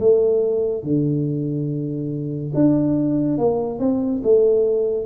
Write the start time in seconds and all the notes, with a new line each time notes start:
0.00 A3
0.83 D3
2.55 D4
3.38 A#3
3.80 C4
4.24 A3